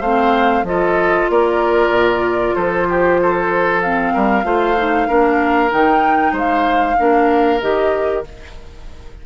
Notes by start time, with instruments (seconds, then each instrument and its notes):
0.00 bassoon A3, clarinet C4, oboe C5, flute F5
0.63 bassoon F3, clarinet F4, oboe A4, flute D#5
1.29 bassoon A#3, oboe A#4, flute D5
1.90 bassoon A#2
2.54 bassoon F3, oboe A4, flute C5
2.89 oboe G4
3.21 oboe A4
3.81 clarinet C4, flute F5
4.13 bassoon G3, oboe A#4
4.44 bassoon A3, clarinet F4, oboe C5
4.77 clarinet D#4
5.07 bassoon A#3, clarinet D4, oboe A#4
5.69 bassoon D#3, clarinet D#4, flute G5
6.32 bassoon G#3, oboe C5, flute F5
6.97 bassoon A#3, clarinet D4, oboe A#4
7.60 bassoon D#3, clarinet G4, flute D#5